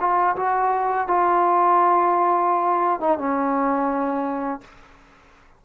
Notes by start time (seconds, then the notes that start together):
0.00 F4
0.36 F#4
1.07 F4
3.00 D#4
3.18 C#4